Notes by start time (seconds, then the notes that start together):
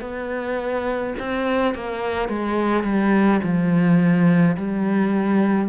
0.00 B3
1.19 C4
1.74 A#3
2.28 G#3
2.83 G3
3.43 F3
4.56 G3